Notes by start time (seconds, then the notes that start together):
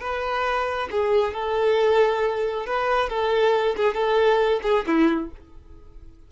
0.00 B4
0.91 G#4
1.34 A4
2.66 B4
3.09 A4
3.77 G#4
3.94 A4
4.63 G#4
4.87 E4